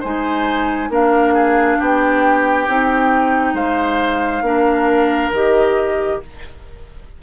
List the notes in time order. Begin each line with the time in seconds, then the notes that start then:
0.00 G#3 D#4 C5 G#5
0.89 A#3 D4 A#4 F5
1.34 G#4
1.79 B3 G4 G5
2.68 C4 D#4
3.53 G#3 C5 F5
4.41 A#3 D4 A#4
5.31 D#3 G4 D#5